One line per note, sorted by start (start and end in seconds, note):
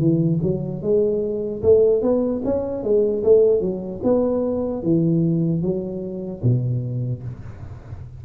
0.00 0.40 E3
0.43 0.83 F#3
0.83 1.63 G#3
1.63 2.03 A3
2.03 2.43 B3
2.45 2.84 C#4
2.84 3.24 G#3
3.24 3.61 A3
3.61 4.01 F#3
4.04 4.83 B3
4.83 5.63 E3
5.63 6.43 F#3
6.43 7.23 B2